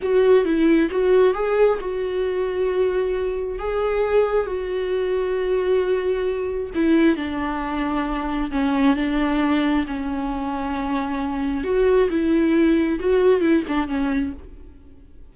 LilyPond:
\new Staff \with { instrumentName = "viola" } { \time 4/4 \tempo 4 = 134 fis'4 e'4 fis'4 gis'4 | fis'1 | gis'2 fis'2~ | fis'2. e'4 |
d'2. cis'4 | d'2 cis'2~ | cis'2 fis'4 e'4~ | e'4 fis'4 e'8 d'8 cis'4 | }